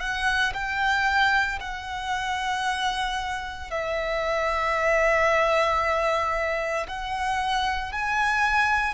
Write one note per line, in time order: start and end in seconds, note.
0.00 0.53 F#5
0.54 1.59 G5
1.60 3.70 F#5
3.70 6.86 E5
6.88 7.92 F#5
7.92 8.94 G#5